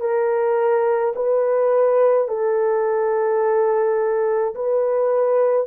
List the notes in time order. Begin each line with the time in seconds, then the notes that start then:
0.00 A#4
1.15 B4
2.28 A4
4.55 B4